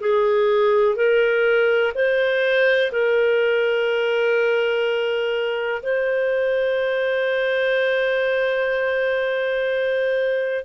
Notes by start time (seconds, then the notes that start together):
0.00 G#4
0.95 A#4
1.94 C5
2.92 A#4
5.82 C5